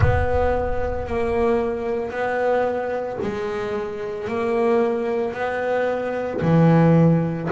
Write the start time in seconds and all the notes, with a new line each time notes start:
0.00 B3
1.06 A#3
2.10 B3
3.21 G#3
4.28 A#3
5.33 B3
6.41 E3